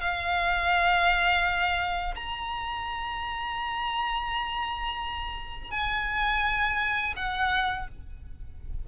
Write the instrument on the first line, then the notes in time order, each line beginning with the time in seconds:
violin
0.00 F5
2.15 A#5
5.70 G#5
7.16 F#5